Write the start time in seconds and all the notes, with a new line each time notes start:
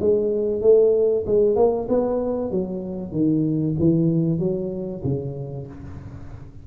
0.00 G#3
0.62 A3
1.26 G#3
1.56 A#3
1.89 B3
2.51 F#3
3.12 D#3
3.79 E3
4.39 F#3
5.04 C#3